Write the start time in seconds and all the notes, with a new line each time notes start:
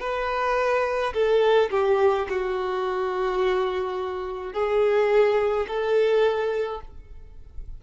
0.00 B4
1.14 A4
1.71 G4
2.30 F#4
4.53 G#4
5.68 A4